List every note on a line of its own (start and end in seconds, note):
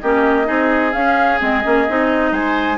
0.00 0.49 A#3
0.00 0.44 C#4
0.00 0.47 G4
0.00 0.92 D#5
0.44 0.94 C4
0.44 0.91 D#4
0.44 2.32 G#4
0.92 1.41 C#4
0.92 1.39 C#4
0.92 1.39 F5
1.39 1.64 G#3
1.39 1.63 C4
1.39 2.34 D#5
1.64 1.89 A#3
1.64 1.87 C#4
1.88 2.32 C4
1.88 2.78 D#4
2.32 2.78 G#3
2.32 2.78 C5
2.32 2.78 G#5